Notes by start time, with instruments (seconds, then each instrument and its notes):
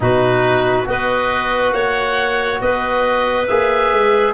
0.00 tuba B2, trombone D#4, clarinet F#4, oboe B4
0.85 tuba B3, trombone F#4, clarinet B4, oboe D#5
1.72 tuba A#3, clarinet C#5, oboe F#5
2.61 tuba B3, clarinet B4, oboe D#5
3.47 tuba A#3, trombone G#4, oboe E5
3.92 tuba G#3